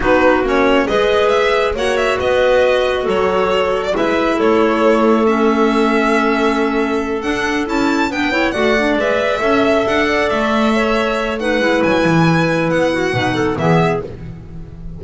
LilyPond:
<<
  \new Staff \with { instrumentName = "violin" } { \time 4/4 \tempo 4 = 137 b'4 cis''4 dis''4 e''4 | fis''8 e''8 dis''2 cis''4~ | cis''8. d''16 e''4 cis''2 | e''1~ |
e''8 fis''4 a''4 g''4 fis''8~ | fis''8 e''2 fis''4 e''8~ | e''2 fis''4 gis''4~ | gis''4 fis''2 e''4 | }
  \new Staff \with { instrumentName = "clarinet" } { \time 4/4 fis'2 b'2 | cis''4 b'2 a'4~ | a'4 b'4 a'2~ | a'1~ |
a'2~ a'8 b'8 cis''8 d''8~ | d''4. e''4. d''4~ | d''8 cis''4. b'2~ | b'4. fis'8 b'8 a'8 gis'4 | }
  \new Staff \with { instrumentName = "clarinet" } { \time 4/4 dis'4 cis'4 gis'2 | fis'1~ | fis'4 e'2. | cis'1~ |
cis'8 d'4 e'4 d'8 e'8 fis'8 | d'8 b'4 a'2~ a'8~ | a'2 dis'8 e'4.~ | e'2 dis'4 b4 | }
  \new Staff \with { instrumentName = "double bass" } { \time 4/4 b4 ais4 gis2 | ais4 b2 fis4~ | fis4 gis4 a2~ | a1~ |
a8 d'4 cis'4 b4 a8~ | a8 gis4 cis'4 d'4 a8~ | a2~ a8 gis8 fis8 e8~ | e4 b4 b,4 e4 | }
>>